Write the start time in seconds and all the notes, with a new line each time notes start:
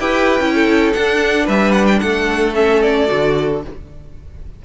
0.00 E4 G4 B4 G5
0.40 C#4 E4
0.55 A4
0.93 D4 F#5
1.45 G3 B4 E5
1.73 F#5
1.86 G5
2.00 A3 A4 F#5
2.55 C#4 E5
2.82 D5
3.07 D3 F#4